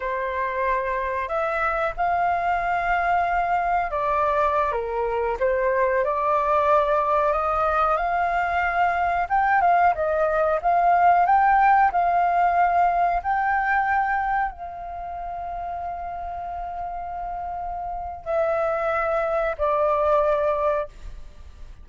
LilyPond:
\new Staff \with { instrumentName = "flute" } { \time 4/4 \tempo 4 = 92 c''2 e''4 f''4~ | f''2 d''4~ d''16 ais'8.~ | ais'16 c''4 d''2 dis''8.~ | dis''16 f''2 g''8 f''8 dis''8.~ |
dis''16 f''4 g''4 f''4.~ f''16~ | f''16 g''2 f''4.~ f''16~ | f''1 | e''2 d''2 | }